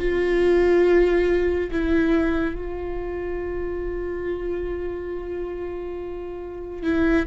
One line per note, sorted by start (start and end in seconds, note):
0.00 1.71 F4
1.72 2.56 E4
2.56 6.83 F4
6.83 7.26 E4